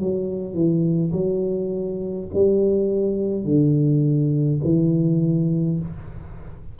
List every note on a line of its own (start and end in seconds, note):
0.00 0.54 F#3
0.54 1.12 E3
1.12 2.28 F#3
2.34 3.45 G3
3.45 4.60 D3
4.64 5.80 E3